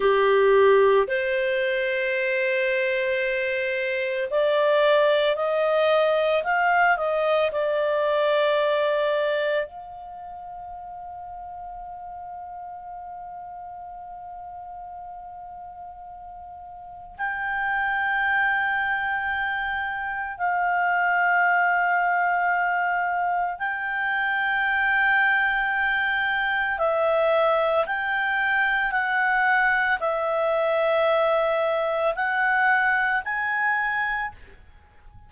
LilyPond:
\new Staff \with { instrumentName = "clarinet" } { \time 4/4 \tempo 4 = 56 g'4 c''2. | d''4 dis''4 f''8 dis''8 d''4~ | d''4 f''2.~ | f''1 |
g''2. f''4~ | f''2 g''2~ | g''4 e''4 g''4 fis''4 | e''2 fis''4 gis''4 | }